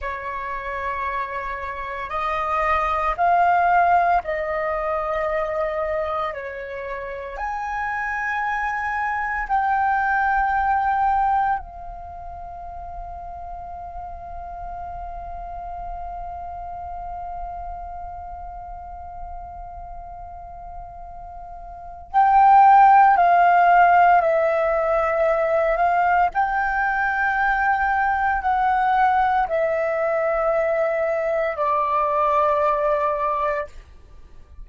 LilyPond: \new Staff \with { instrumentName = "flute" } { \time 4/4 \tempo 4 = 57 cis''2 dis''4 f''4 | dis''2 cis''4 gis''4~ | gis''4 g''2 f''4~ | f''1~ |
f''1~ | f''4 g''4 f''4 e''4~ | e''8 f''8 g''2 fis''4 | e''2 d''2 | }